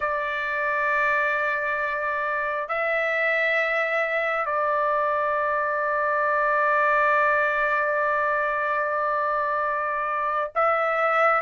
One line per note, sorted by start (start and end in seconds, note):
0.00 2.68 D5
2.68 4.45 E5
4.45 10.50 D5
10.55 11.41 E5